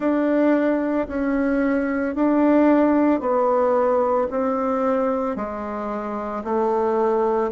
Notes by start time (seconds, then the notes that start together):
0.00 D4
1.08 C#4
2.15 D4
3.20 B3
4.30 C4
5.36 G#3
6.43 A3